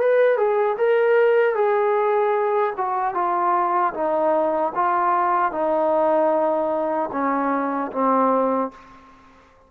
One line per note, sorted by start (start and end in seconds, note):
0.00 0.38 B4
0.38 0.77 G#4
0.78 1.55 A#4
1.55 2.74 G#4
2.77 3.15 F#4
3.15 3.94 F4
3.94 4.73 D#4
4.75 5.52 F4
5.52 7.10 D#4
7.13 7.92 C#4
7.92 8.71 C4